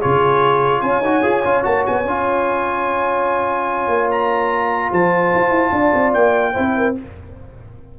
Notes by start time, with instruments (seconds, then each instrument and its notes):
0.00 tuba C#3, trombone F4, horn G#4, trumpet C#5
0.81 tuba C#4, horn C#5, trumpet G#5
1.01 tuba D#4, trombone F#4
1.23 tuba F4, trombone G#4
1.45 tuba C#4, trombone F4
1.63 tuba A#3, trombone F#4, trumpet A5
1.86 tuba B3, trumpet G#5
2.05 tuba C#4, trombone F4
3.88 tuba A#3
4.11 trumpet A#5
4.90 tuba F3, horn C5, trumpet A5
5.35 tuba F4
5.50 tuba E4
5.72 tuba D4, horn D5
5.94 tuba C4
6.13 tuba A#3, trumpet G5
6.52 trombone E4, horn C5
6.59 tuba C4
6.77 horn A#4